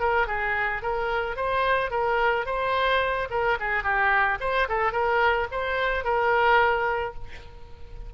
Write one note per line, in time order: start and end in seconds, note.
0.00 0.27 A#4
0.27 0.82 G#4
0.82 1.36 A#4
1.36 1.91 C5
1.91 2.46 A#4
2.46 3.29 C5
3.31 3.58 A#4
3.60 3.84 G#4
3.84 4.39 G4
4.41 4.68 C5
4.69 4.92 A4
4.92 5.47 A#4
5.52 6.05 C5
6.05 7.15 A#4